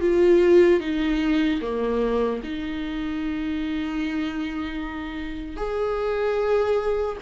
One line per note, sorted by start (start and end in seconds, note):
0.00 0.80 F4
0.80 1.60 D#4
1.61 2.41 A#3
2.43 5.56 D#4
5.56 7.16 G#4